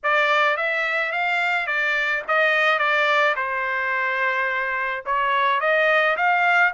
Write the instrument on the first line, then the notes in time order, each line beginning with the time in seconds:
trumpet
0.03 D5
0.56 E5
1.11 F5
1.66 D5
2.27 D#5
2.78 D5
3.35 C5
5.05 C#5
5.60 D#5
6.17 F5